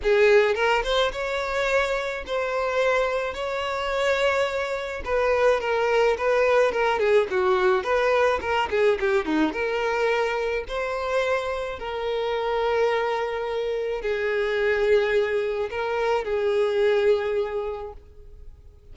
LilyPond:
\new Staff \with { instrumentName = "violin" } { \time 4/4 \tempo 4 = 107 gis'4 ais'8 c''8 cis''2 | c''2 cis''2~ | cis''4 b'4 ais'4 b'4 | ais'8 gis'8 fis'4 b'4 ais'8 gis'8 |
g'8 dis'8 ais'2 c''4~ | c''4 ais'2.~ | ais'4 gis'2. | ais'4 gis'2. | }